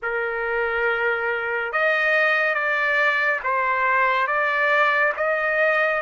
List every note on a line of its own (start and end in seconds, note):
0.02 1.72 A#4
1.72 2.54 D#5
2.54 3.40 D5
3.43 4.27 C5
4.27 5.12 D5
5.17 6.02 D#5